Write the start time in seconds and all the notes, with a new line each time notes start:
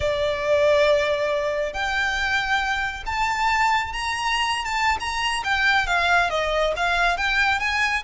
0.00 D5
1.73 G5
3.06 A5
3.92 A#5
4.65 A5
4.99 A#5
5.44 G5
5.87 F5
6.30 D#5
6.76 F5
7.17 G5
7.59 G#5